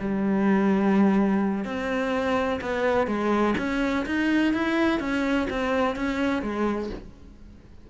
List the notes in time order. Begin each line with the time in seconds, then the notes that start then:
0.00 G3
1.65 C4
2.61 B3
3.08 G#3
3.58 C#4
4.06 D#4
4.54 E4
5.00 C#4
5.50 C4
5.96 C#4
6.43 G#3